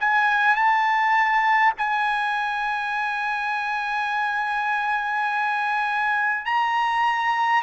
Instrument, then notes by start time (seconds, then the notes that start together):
trumpet
0.00 G#5
0.55 A5
1.78 G#5
6.45 A#5